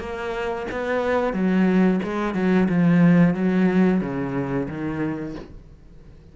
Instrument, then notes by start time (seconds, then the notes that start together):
cello
0.00 A#3
0.72 B3
1.34 F#3
2.03 G#3
2.35 F#3
2.69 F3
3.35 F#3
4.01 C#3
4.69 D#3